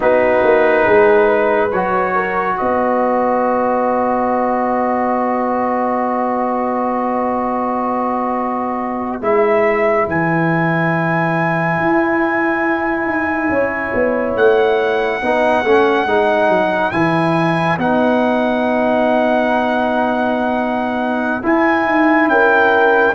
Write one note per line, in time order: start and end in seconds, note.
0.00 0.43 B3
0.00 1.70 D#4
0.00 0.84 F#4
0.00 1.71 B4
0.43 0.86 A#3
0.84 1.72 G#3
0.84 1.27 G#4
1.27 2.12 B4
1.71 2.58 F#3
1.71 9.21 F#4
1.71 2.57 C#5
2.14 2.55 A#4
2.55 9.20 B3
2.55 13.48 B4
2.55 9.21 D#5
9.20 10.06 G#3
9.20 15.21 E4
9.20 10.08 E5
10.06 11.78 E3
10.06 14.36 G#5
11.79 13.05 E4
13.05 13.48 D#4
13.48 13.91 C#4
13.48 15.22 C#5
13.94 14.35 B3
14.35 15.21 A3
14.35 16.91 F#5
15.21 15.63 B3
15.21 15.64 D#4
15.21 22.29 B4
15.63 16.05 A3
15.63 16.07 C#4
16.05 16.48 G#3
16.05 16.92 D#4
16.48 16.91 F#3
16.91 17.77 E3
16.91 17.78 E4
16.91 17.77 G#5
17.77 21.42 B3
17.77 21.42 D#4
17.77 21.44 F#5
21.42 23.14 E4
21.42 21.85 E4
21.42 22.28 G#5
21.85 22.27 D#4
22.27 23.12 C#4
22.27 23.14 A#4
22.27 23.14 G5